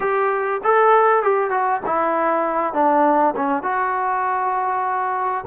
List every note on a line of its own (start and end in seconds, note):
0.00 0.61 G4
0.63 1.22 A4
1.22 1.50 G4
1.50 1.80 F#4
1.86 2.73 E4
2.73 3.34 D4
3.36 3.63 C#4
3.63 5.44 F#4